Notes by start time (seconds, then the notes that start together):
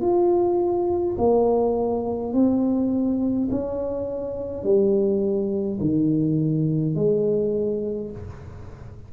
0.00 F4
1.18 A#3
2.33 C4
3.50 C#4
4.63 G3
5.80 D#3
6.95 G#3